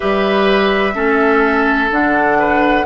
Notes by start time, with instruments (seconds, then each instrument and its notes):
0.00 bassoon G3, clarinet G4, oboe B4, flute E5
0.94 bassoon A3, clarinet C#4, oboe A4
1.90 bassoon D3, clarinet D4, flute F#5
2.38 oboe B4